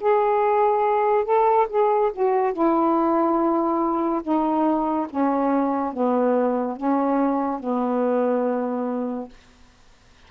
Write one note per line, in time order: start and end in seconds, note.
0.00 1.25 G#4
1.25 1.67 A4
1.69 2.11 G#4
2.13 2.53 F#4
2.53 4.22 E4
4.23 5.07 D#4
5.10 5.93 C#4
5.93 6.76 B3
6.76 7.60 C#4
7.60 9.29 B3